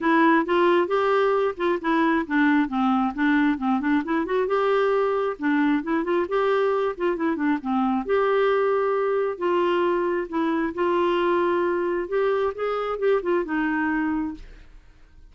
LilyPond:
\new Staff \with { instrumentName = "clarinet" } { \time 4/4 \tempo 4 = 134 e'4 f'4 g'4. f'8 | e'4 d'4 c'4 d'4 | c'8 d'8 e'8 fis'8 g'2 | d'4 e'8 f'8 g'4. f'8 |
e'8 d'8 c'4 g'2~ | g'4 f'2 e'4 | f'2. g'4 | gis'4 g'8 f'8 dis'2 | }